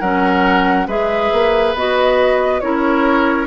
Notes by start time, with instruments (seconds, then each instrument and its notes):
0.00 bassoon F#3, clarinet C#4, oboe A#4, flute F#5
0.87 bassoon G#3, clarinet G#4, oboe B4, flute E5
1.32 bassoon A#3
1.74 bassoon B3, clarinet F#4, flute D#5
2.61 bassoon C#4, clarinet E4, oboe A#4, flute C#5